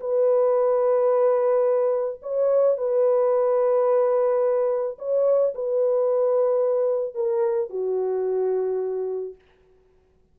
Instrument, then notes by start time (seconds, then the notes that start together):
horn
0.00 B4
2.22 C#5
2.77 B4
4.99 C#5
5.54 B4
7.15 A#4
7.70 F#4